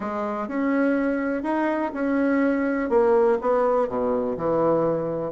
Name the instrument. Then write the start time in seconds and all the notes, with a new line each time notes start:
bassoon
0.00 G#3
0.48 C#4
1.43 D#4
1.94 C#4
2.89 A#3
3.41 B3
3.88 B2
4.37 E3